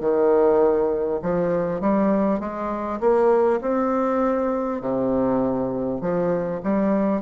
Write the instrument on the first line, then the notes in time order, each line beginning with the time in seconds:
bassoon
0.00 D#3
1.22 F3
1.80 G3
2.39 G#3
3.00 A#3
3.61 C4
4.81 C3
6.01 F3
6.63 G3